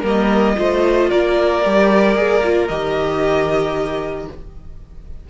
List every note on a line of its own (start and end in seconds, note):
0.00 0.56 G3
0.00 0.56 A#3
0.00 0.53 A#4
0.07 1.10 D#5
0.56 1.12 A3
0.56 1.62 F4
0.56 1.10 C5
1.10 1.65 A#3
1.10 4.28 A#4
1.10 2.68 D5
1.64 2.15 G3
1.64 2.16 G4
2.15 2.69 A#3
2.15 2.42 G#4
2.43 2.69 F4
2.68 4.28 D#3
2.68 4.30 G4
2.68 4.27 D#5